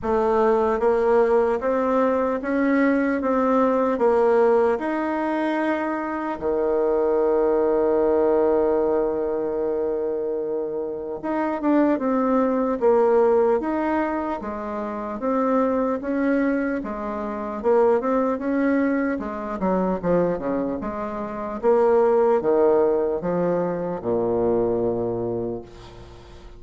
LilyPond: \new Staff \with { instrumentName = "bassoon" } { \time 4/4 \tempo 4 = 75 a4 ais4 c'4 cis'4 | c'4 ais4 dis'2 | dis1~ | dis2 dis'8 d'8 c'4 |
ais4 dis'4 gis4 c'4 | cis'4 gis4 ais8 c'8 cis'4 | gis8 fis8 f8 cis8 gis4 ais4 | dis4 f4 ais,2 | }